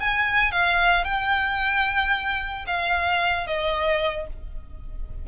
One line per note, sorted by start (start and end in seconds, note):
0.00 0.52 G#5
0.52 1.04 F5
1.04 2.65 G5
2.67 3.47 F5
3.47 4.27 D#5